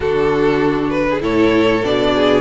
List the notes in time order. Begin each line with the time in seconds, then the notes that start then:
0.00 D3 D4 F#4 A4
0.89 B4
1.10 G#4
1.20 A2 E4 A4 C#5
1.83 B2 D4 D5
2.15 G#4